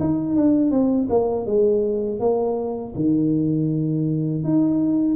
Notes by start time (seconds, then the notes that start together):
0.00 D#4
0.36 D4
0.71 C4
1.10 A#3
1.46 G#3
2.20 A#3
2.96 D#3
4.44 D#4